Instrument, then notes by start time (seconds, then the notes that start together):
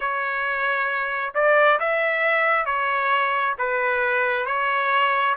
trumpet
0.00 C#5
1.34 D5
1.79 E5
2.65 C#5
3.58 B4
4.46 C#5